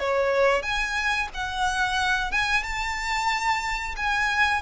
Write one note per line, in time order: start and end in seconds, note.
0.00 0.63 C#5
0.63 1.29 G#5
1.34 2.32 F#5
2.32 2.63 G#5
2.63 3.95 A5
3.97 4.62 G#5